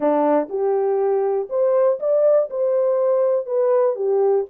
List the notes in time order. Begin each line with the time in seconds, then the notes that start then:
0.00 D4
0.49 G4
1.49 C5
1.99 D5
2.50 C5
3.46 B4
3.95 G4